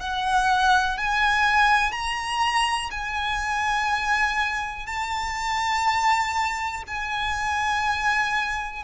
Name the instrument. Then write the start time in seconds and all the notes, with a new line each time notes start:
violin
0.00 F#5
0.98 G#5
1.92 A#5
2.92 G#5
4.87 A5
6.88 G#5